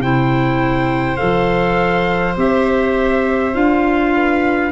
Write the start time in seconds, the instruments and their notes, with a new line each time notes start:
0.00 tuba C3, clarinet E4, viola C5, trumpet G5
1.17 tuba F3, clarinet A4, trumpet F5
2.37 tuba C4, clarinet G4, trumpet E5
3.54 tuba D4, clarinet F4, trumpet F5
4.14 viola B4